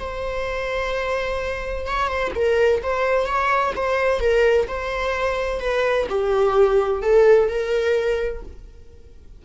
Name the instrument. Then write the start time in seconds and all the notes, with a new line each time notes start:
viola
0.00 C5
1.87 C#5
2.08 C5
2.36 A#4
2.83 C5
3.27 C#5
3.76 C5
4.21 A#4
4.68 C5
5.61 B4
6.09 G4
7.02 A4
7.49 A#4